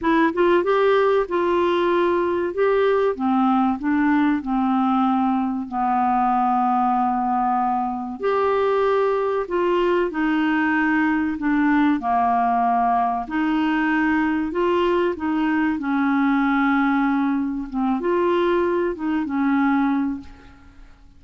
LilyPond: \new Staff \with { instrumentName = "clarinet" } { \time 4/4 \tempo 4 = 95 e'8 f'8 g'4 f'2 | g'4 c'4 d'4 c'4~ | c'4 b2.~ | b4 g'2 f'4 |
dis'2 d'4 ais4~ | ais4 dis'2 f'4 | dis'4 cis'2. | c'8 f'4. dis'8 cis'4. | }